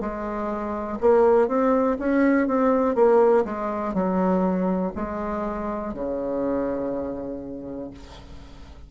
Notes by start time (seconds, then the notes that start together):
0.00 G#3
1.01 A#3
1.48 C4
1.99 C#4
2.48 C4
2.95 A#3
3.45 G#3
3.94 F#3
4.95 G#3
5.94 C#3